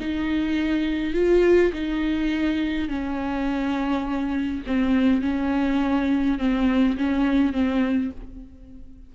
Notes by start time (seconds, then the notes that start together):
0.00 D#4
1.14 F4
1.73 D#4
2.88 C#4
4.66 C4
5.22 C#4
6.38 C4
6.97 C#4
7.52 C4